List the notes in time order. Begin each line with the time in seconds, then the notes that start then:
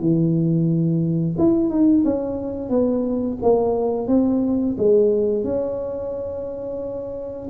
0.00 E3
1.38 E4
1.70 D#4
2.05 C#4
2.70 B3
3.43 A#3
4.08 C4
4.78 G#3
5.44 C#4